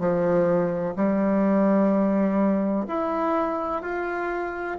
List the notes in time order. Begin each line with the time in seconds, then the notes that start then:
0.00 F3
0.96 G3
2.88 E4
3.82 F4